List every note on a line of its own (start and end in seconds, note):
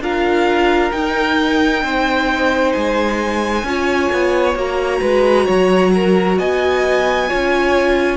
0.00 0.91 D4
0.00 0.92 F4
0.00 1.84 A#4
0.00 0.91 F5
0.91 3.65 D#4
0.91 1.82 D#4
0.91 2.72 G5
1.82 2.73 C4
1.82 3.66 C5
2.72 3.63 G#3
2.72 4.54 G#5
3.63 4.09 C#4
3.63 4.56 F4
3.63 5.01 C#5
4.12 4.55 B3
4.55 5.00 A#3
4.55 7.28 F#4
4.55 6.39 A#5
5.01 5.47 G#3
5.01 5.45 B4
5.45 6.39 F#3
5.45 5.91 C#5
5.94 6.38 A#4
6.38 7.30 B3
6.38 7.29 D#5
6.38 8.16 G#5
7.28 8.16 C#4
7.28 8.16 F4
7.28 8.16 C#5